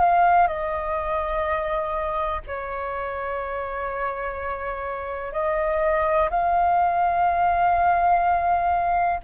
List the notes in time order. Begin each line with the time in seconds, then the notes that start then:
0.00 F5
0.48 D#5
2.47 C#5
5.33 D#5
6.30 F5